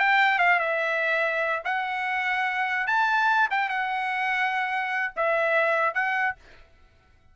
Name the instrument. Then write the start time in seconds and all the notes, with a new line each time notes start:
trumpet
0.00 G5
0.39 F5
0.60 E5
1.65 F#5
2.87 A5
3.51 G5
3.70 F#5
5.17 E5
5.95 F#5